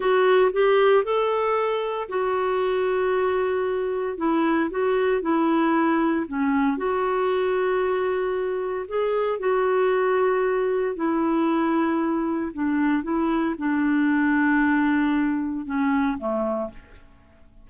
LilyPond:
\new Staff \with { instrumentName = "clarinet" } { \time 4/4 \tempo 4 = 115 fis'4 g'4 a'2 | fis'1 | e'4 fis'4 e'2 | cis'4 fis'2.~ |
fis'4 gis'4 fis'2~ | fis'4 e'2. | d'4 e'4 d'2~ | d'2 cis'4 a4 | }